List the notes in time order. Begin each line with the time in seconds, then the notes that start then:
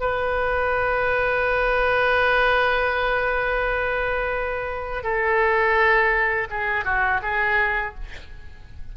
0.00 B4
5.03 A4
6.50 G#4
6.85 F#4
7.23 G#4